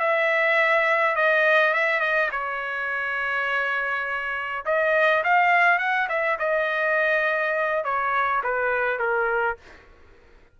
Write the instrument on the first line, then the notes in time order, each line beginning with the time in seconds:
trumpet
0.00 E5
1.16 D#5
1.74 E5
2.00 D#5
2.31 C#5
4.65 D#5
5.24 F5
5.79 F#5
6.09 E5
6.39 D#5
7.84 C#5
8.43 B4
8.99 A#4